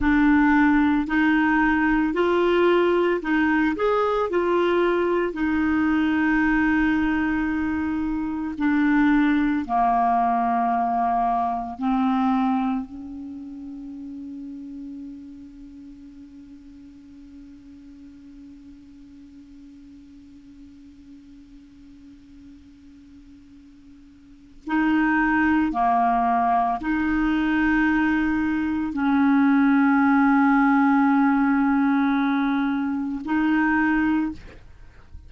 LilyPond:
\new Staff \with { instrumentName = "clarinet" } { \time 4/4 \tempo 4 = 56 d'4 dis'4 f'4 dis'8 gis'8 | f'4 dis'2. | d'4 ais2 c'4 | cis'1~ |
cis'1~ | cis'2. dis'4 | ais4 dis'2 cis'4~ | cis'2. dis'4 | }